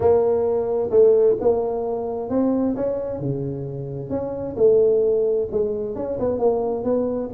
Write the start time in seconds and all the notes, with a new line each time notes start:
0.00 A#3
0.90 A3
1.40 A#3
2.29 C4
2.76 C#4
3.19 C#3
4.09 C#4
4.56 A3
5.51 G#3
5.95 C#4
6.19 B3
6.38 A#3
6.83 B3